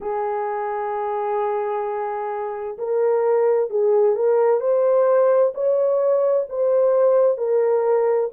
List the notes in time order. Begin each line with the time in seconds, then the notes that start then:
0.00 G#4
2.78 A#4
3.69 G#4
4.15 A#4
4.60 C5
5.54 C#5
6.49 C5
7.37 A#4